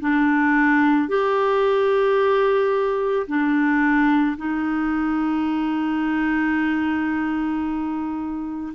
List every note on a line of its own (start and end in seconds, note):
0.00 1.08 D4
1.08 3.26 G4
3.27 4.36 D4
4.37 8.73 D#4